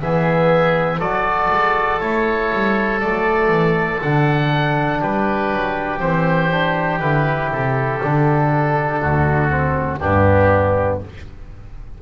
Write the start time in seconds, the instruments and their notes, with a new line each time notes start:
0.00 double bass E3, trombone B3, oboe G#4 E5
0.99 double bass F#3, trombone F#4, oboe A4 D5
1.51 double bass G#3
2.00 double bass A3, trombone E4, oboe C#5
2.52 double bass G3
3.00 double bass F#3, trombone A3, oboe D5
3.48 double bass E3
4.02 double bass D3, trombone D4, oboe F#5
5.00 double bass G3, oboe G4 B4
5.51 double bass F#3
5.99 double bass E3, trombone C4, oboe C5
6.51 trombone D4
7.00 double bass D3, trombone E4, oboe B4
7.51 double bass C3, oboe A4
8.03 double bass D3, trombone D4
9.01 double bass D2, oboe F#4
9.50 trombone C4
9.99 double bass G2, trombone B3, oboe D4 G4